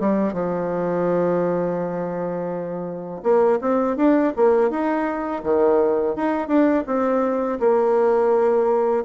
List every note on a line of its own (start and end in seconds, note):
0.00 0.33 G3
0.33 3.22 F3
3.23 3.59 A#3
3.61 3.97 C4
3.97 4.33 D4
4.36 4.70 A#3
4.70 5.42 D#4
5.43 6.15 D#3
6.16 6.48 D#4
6.48 6.84 D4
6.86 7.59 C4
7.60 9.04 A#3